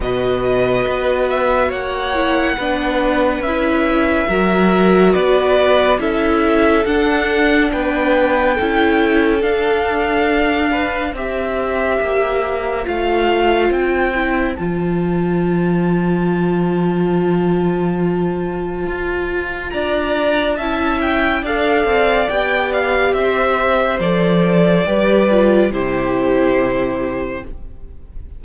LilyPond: <<
  \new Staff \with { instrumentName = "violin" } { \time 4/4 \tempo 4 = 70 dis''4. e''8 fis''2 | e''2 d''4 e''4 | fis''4 g''2 f''4~ | f''4 e''2 f''4 |
g''4 a''2.~ | a''2. ais''4 | a''8 g''8 f''4 g''8 f''8 e''4 | d''2 c''2 | }
  \new Staff \with { instrumentName = "violin" } { \time 4/4 b'2 cis''4 b'4~ | b'4 ais'4 b'4 a'4~ | a'4 b'4 a'2~ | a'8 b'8 c''2.~ |
c''1~ | c''2. d''4 | e''4 d''2 c''4~ | c''4 b'4 g'2 | }
  \new Staff \with { instrumentName = "viola" } { \time 4/4 fis'2~ fis'8 e'8 d'4 | e'4 fis'2 e'4 | d'2 e'4 d'4~ | d'4 g'2 f'4~ |
f'8 e'8 f'2.~ | f'1 | e'4 a'4 g'2 | a'4 g'8 f'8 e'2 | }
  \new Staff \with { instrumentName = "cello" } { \time 4/4 b,4 b4 ais4 b4 | cis'4 fis4 b4 cis'4 | d'4 b4 cis'4 d'4~ | d'4 c'4 ais4 a4 |
c'4 f2.~ | f2 f'4 d'4 | cis'4 d'8 c'8 b4 c'4 | f4 g4 c2 | }
>>